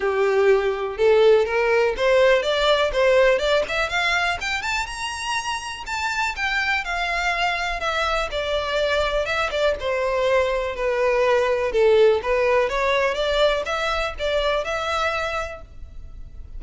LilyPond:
\new Staff \with { instrumentName = "violin" } { \time 4/4 \tempo 4 = 123 g'2 a'4 ais'4 | c''4 d''4 c''4 d''8 e''8 | f''4 g''8 a''8 ais''2 | a''4 g''4 f''2 |
e''4 d''2 e''8 d''8 | c''2 b'2 | a'4 b'4 cis''4 d''4 | e''4 d''4 e''2 | }